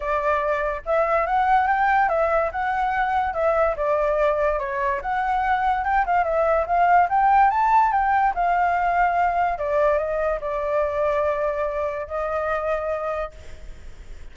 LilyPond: \new Staff \with { instrumentName = "flute" } { \time 4/4 \tempo 4 = 144 d''2 e''4 fis''4 | g''4 e''4 fis''2 | e''4 d''2 cis''4 | fis''2 g''8 f''8 e''4 |
f''4 g''4 a''4 g''4 | f''2. d''4 | dis''4 d''2.~ | d''4 dis''2. | }